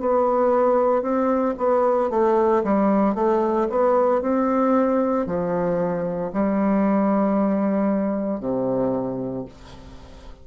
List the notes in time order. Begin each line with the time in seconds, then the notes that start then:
0.00 B3
1.02 C4
1.57 B3
2.10 A3
2.64 G3
3.15 A3
3.70 B3
4.22 C4
5.26 F3
6.33 G3
8.40 C3